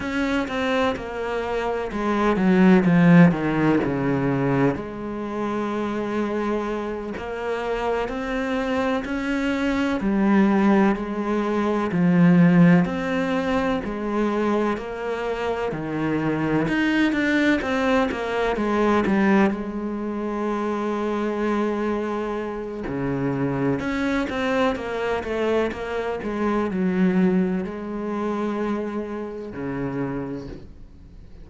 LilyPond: \new Staff \with { instrumentName = "cello" } { \time 4/4 \tempo 4 = 63 cis'8 c'8 ais4 gis8 fis8 f8 dis8 | cis4 gis2~ gis8 ais8~ | ais8 c'4 cis'4 g4 gis8~ | gis8 f4 c'4 gis4 ais8~ |
ais8 dis4 dis'8 d'8 c'8 ais8 gis8 | g8 gis2.~ gis8 | cis4 cis'8 c'8 ais8 a8 ais8 gis8 | fis4 gis2 cis4 | }